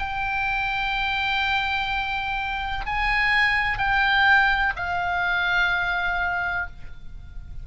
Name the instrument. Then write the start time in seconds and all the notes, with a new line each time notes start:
oboe
0.00 G5
2.87 G#5
3.78 G5
4.77 F5